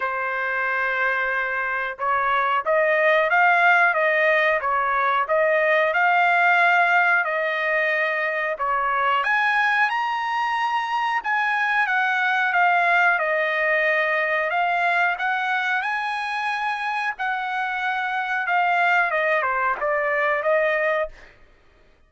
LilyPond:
\new Staff \with { instrumentName = "trumpet" } { \time 4/4 \tempo 4 = 91 c''2. cis''4 | dis''4 f''4 dis''4 cis''4 | dis''4 f''2 dis''4~ | dis''4 cis''4 gis''4 ais''4~ |
ais''4 gis''4 fis''4 f''4 | dis''2 f''4 fis''4 | gis''2 fis''2 | f''4 dis''8 c''8 d''4 dis''4 | }